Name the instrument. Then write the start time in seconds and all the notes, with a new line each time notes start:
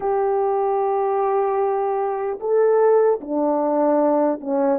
horn
0.00 G4
2.40 A4
3.20 D4
4.40 C#4